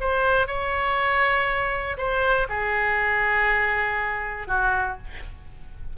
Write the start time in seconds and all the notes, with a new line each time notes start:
0.00 C5
0.47 C#5
1.97 C5
2.49 G#4
4.47 F#4